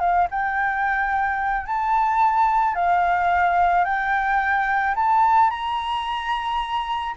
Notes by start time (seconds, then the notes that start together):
0.00 F5
0.31 G5
1.67 A5
2.75 F5
3.85 G5
4.96 A5
5.50 A#5